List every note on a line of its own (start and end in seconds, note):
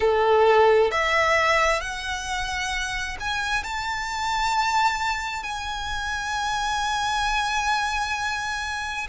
0.00 0.91 A4
0.91 1.81 E5
1.81 3.17 F#5
3.20 3.63 G#5
3.63 5.43 A5
5.43 9.07 G#5